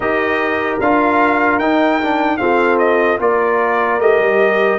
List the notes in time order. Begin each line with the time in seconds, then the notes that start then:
0.00 D#4 G4 A#4 D#5
0.80 D4 F4 F5
1.58 D#4 G5
2.01 D4
2.37 C4 F4 A4 F5
2.78 D#5
3.19 A#3 F4 A#4 D5
3.99 A3 G4 D#5
4.19 G3